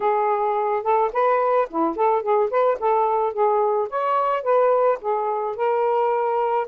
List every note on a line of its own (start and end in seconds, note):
0.00 0.83 G#4
0.83 1.11 A4
1.12 1.68 B4
1.69 1.96 E4
1.96 2.22 A4
2.22 2.50 G#4
2.50 2.78 B4
2.79 3.33 A4
3.33 3.88 G#4
3.89 4.42 C#5
4.42 4.98 B4
5.01 5.56 G#4
5.56 6.67 A#4